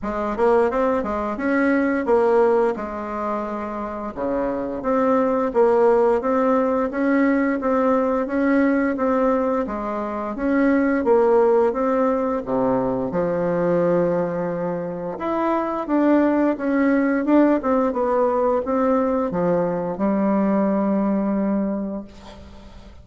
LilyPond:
\new Staff \with { instrumentName = "bassoon" } { \time 4/4 \tempo 4 = 87 gis8 ais8 c'8 gis8 cis'4 ais4 | gis2 cis4 c'4 | ais4 c'4 cis'4 c'4 | cis'4 c'4 gis4 cis'4 |
ais4 c'4 c4 f4~ | f2 e'4 d'4 | cis'4 d'8 c'8 b4 c'4 | f4 g2. | }